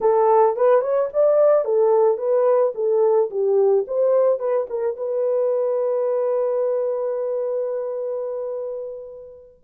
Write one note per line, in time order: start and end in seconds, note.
0.01 0.56 A4
0.56 0.81 B4
0.81 1.08 C#5
1.13 1.64 D5
1.64 2.17 A4
2.17 2.72 B4
2.74 3.30 A4
3.30 3.85 G4
3.87 4.39 C5
4.39 4.66 B4
4.69 4.96 A#4
4.96 9.63 B4